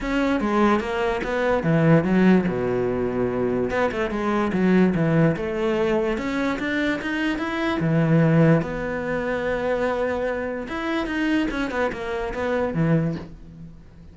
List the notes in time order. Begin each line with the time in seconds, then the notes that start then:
0.00 C#4
0.40 G#3
0.80 A#3
1.23 B3
1.63 E3
2.03 F#3
2.48 B2
3.70 B3
3.91 A3
4.10 G#3
4.53 F#3
4.94 E3
5.36 A3
6.17 C#4
6.59 D4
7.01 D#4
7.38 E4
7.80 E3
8.61 B3
10.68 E4
11.06 D#4
11.50 C#4
11.70 B3
11.92 A#3
12.33 B3
12.74 E3